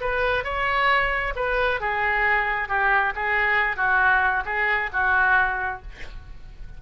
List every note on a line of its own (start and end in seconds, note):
0.00 0.44 B4
0.44 1.33 C#5
1.35 1.80 B4
1.80 2.68 G#4
2.68 3.13 G4
3.15 3.76 G#4
3.76 4.43 F#4
4.45 4.89 G#4
4.92 5.82 F#4